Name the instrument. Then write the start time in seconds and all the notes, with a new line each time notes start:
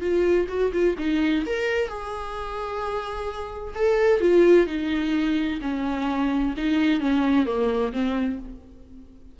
viola
0.00 F4
0.48 F#4
0.72 F4
0.97 D#4
1.46 A#4
1.88 G#4
3.74 A4
4.20 F4
4.66 D#4
5.61 C#4
6.57 D#4
7.00 C#4
7.45 A#3
7.92 C4